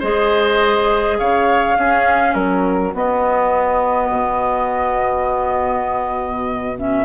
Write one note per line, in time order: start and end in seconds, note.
0.00 1.20 G#3
0.00 1.78 G#4
0.00 1.18 C5
0.00 1.19 D#5
1.19 1.77 C#3
1.19 1.78 C#5
1.19 2.35 F5
1.77 2.35 C#4
1.77 2.94 C#4
1.77 2.35 G#4
2.35 2.94 F#3
2.35 7.06 F#4
2.35 2.93 A#4
2.94 6.76 B3
2.94 4.11 B3
2.94 6.79 D#5
4.11 7.05 B2
6.78 7.06 C#4
6.78 7.06 E5